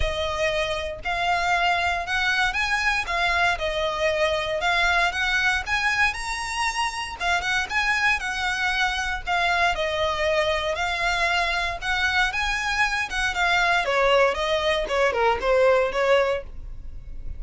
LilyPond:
\new Staff \with { instrumentName = "violin" } { \time 4/4 \tempo 4 = 117 dis''2 f''2 | fis''4 gis''4 f''4 dis''4~ | dis''4 f''4 fis''4 gis''4 | ais''2 f''8 fis''8 gis''4 |
fis''2 f''4 dis''4~ | dis''4 f''2 fis''4 | gis''4. fis''8 f''4 cis''4 | dis''4 cis''8 ais'8 c''4 cis''4 | }